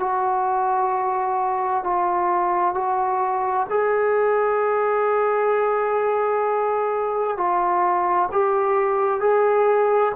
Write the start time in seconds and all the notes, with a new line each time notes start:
0.00 F#4
1.84 F4
2.75 F#4
3.70 G#4
7.37 F4
8.32 G4
9.21 G#4